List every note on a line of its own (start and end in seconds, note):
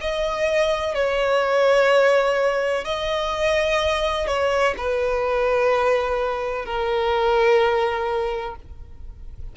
0.00 0.94 D#5
0.94 2.84 C#5
2.84 4.27 D#5
4.27 4.74 C#5
4.77 6.65 B4
6.65 8.55 A#4